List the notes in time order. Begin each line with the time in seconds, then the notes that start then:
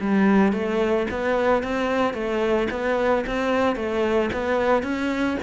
0.00 G3
0.52 A3
1.11 B3
1.63 C4
2.13 A3
2.70 B3
3.27 C4
3.75 A3
4.33 B3
4.83 C#4